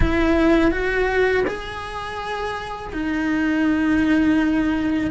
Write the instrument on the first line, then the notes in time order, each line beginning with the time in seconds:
cello
0.00 E4
0.71 F#4
1.47 G#4
2.92 D#4